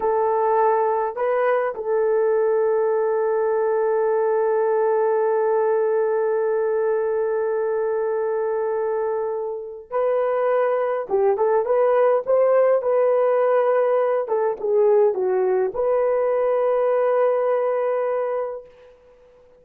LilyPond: \new Staff \with { instrumentName = "horn" } { \time 4/4 \tempo 4 = 103 a'2 b'4 a'4~ | a'1~ | a'1~ | a'1~ |
a'4 b'2 g'8 a'8 | b'4 c''4 b'2~ | b'8 a'8 gis'4 fis'4 b'4~ | b'1 | }